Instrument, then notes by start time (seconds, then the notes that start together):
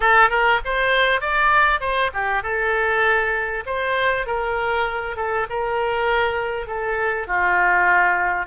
oboe
0.00 A4
0.29 A#4
0.64 C5
1.20 D5
1.80 C5
2.13 G4
2.42 A4
3.65 C5
4.26 A#4
5.16 A4
5.49 A#4
6.66 A4
7.27 F4